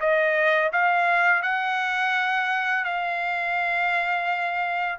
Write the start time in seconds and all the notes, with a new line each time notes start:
0.00 D#5
0.72 F5
1.42 F#5
2.84 F5